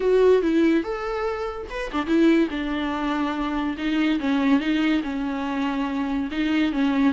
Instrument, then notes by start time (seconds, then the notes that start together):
viola
0.00 F#4
0.42 E4
0.83 A4
1.69 B4
1.91 D4
2.06 E4
2.50 D4
3.77 D#4
4.19 C#4
4.59 D#4
5.03 C#4
6.31 D#4
6.72 C#4